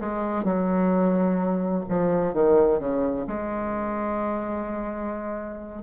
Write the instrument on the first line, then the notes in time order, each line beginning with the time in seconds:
bassoon
0.00 G#3
0.44 F#3
1.88 F3
2.33 D#3
2.79 C#3
3.27 G#3